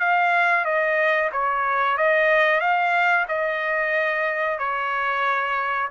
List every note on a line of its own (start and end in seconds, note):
0.00 0.65 F5
0.66 1.31 D#5
1.33 1.98 C#5
1.98 2.61 D#5
2.61 3.26 F5
3.29 4.59 D#5
4.59 5.89 C#5